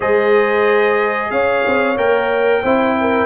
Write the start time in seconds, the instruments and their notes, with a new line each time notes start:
0.00 tuba G#3, trombone G#4, horn C5, trumpet D#5
1.30 tuba C#4, horn C#5, trumpet F5
1.66 tuba C4
1.96 tuba A#3, trombone A#4, trumpet G5
2.62 tuba C4, trombone E4, horn C5
3.00 horn A#4